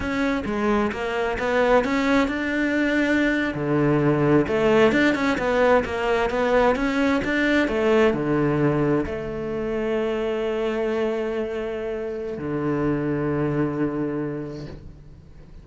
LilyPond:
\new Staff \with { instrumentName = "cello" } { \time 4/4 \tempo 4 = 131 cis'4 gis4 ais4 b4 | cis'4 d'2~ d'8. d16~ | d4.~ d16 a4 d'8 cis'8 b16~ | b8. ais4 b4 cis'4 d'16~ |
d'8. a4 d2 a16~ | a1~ | a2. d4~ | d1 | }